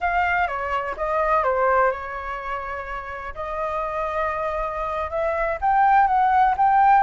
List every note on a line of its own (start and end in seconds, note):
0.00 0.47 F5
0.47 0.95 C#5
0.97 1.43 D#5
1.43 1.91 C5
1.91 3.34 C#5
3.34 5.10 D#5
5.10 5.57 E5
5.61 6.07 G5
6.07 6.54 F#5
6.57 7.03 G5